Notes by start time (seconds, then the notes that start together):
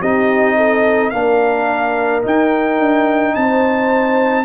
0.00 C4 D#4 G4 D#5
0.56 A4
1.09 A#3 D4 A#4 F5
2.22 D#4 G5
2.79 D4
3.35 C4 C5 A5